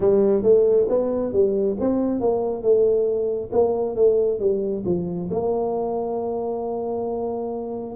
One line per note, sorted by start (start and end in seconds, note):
0.00 0.43 G3
0.43 0.87 A3
0.88 1.32 B3
1.32 1.76 G3
1.79 2.20 C4
2.20 2.62 A#3
2.62 3.50 A3
3.52 3.95 A#3
3.95 4.39 A3
4.39 4.83 G3
4.85 5.29 F3
5.30 7.95 A#3